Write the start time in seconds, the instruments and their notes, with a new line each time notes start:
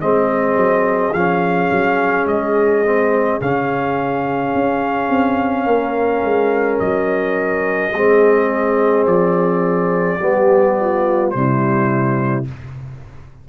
0.00 tuba G#3, trombone C4, horn G#4, trumpet D#5
0.56 tuba F#3
1.12 tuba F3, trombone C#4, trumpet F5
1.71 tuba F#3
2.25 tuba G#3, trumpet D#5
2.85 trombone C4
3.40 tuba C#3, trombone C#4, trumpet F5
4.54 tuba C#4
5.09 tuba C4
5.66 tuba A#3, horn A#4
6.23 tuba G#3
6.79 tuba F#3, trumpet D#5
7.92 tuba G#3, trombone C4, horn G#4
9.06 tuba F3, trumpet D5
10.18 tuba G3, trombone B3, horn G4
10.80 horn F4
11.30 tuba C3, trombone G3, horn E4, trumpet C5